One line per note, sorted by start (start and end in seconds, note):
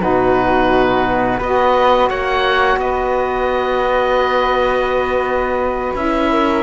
0.00 1.40 B2
0.00 1.40 D#4
0.00 1.39 F#4
0.00 1.41 B4
1.39 2.10 B3
1.39 5.97 F#4
1.39 2.09 B4
1.39 2.10 D#5
2.09 2.77 A#3
2.09 2.79 C#5
2.09 2.80 F#5
2.77 5.91 B3
2.77 6.31 B4
2.77 5.94 D#5
5.95 6.64 C#4
5.95 6.64 E4
5.95 6.64 E5
6.32 6.64 A#4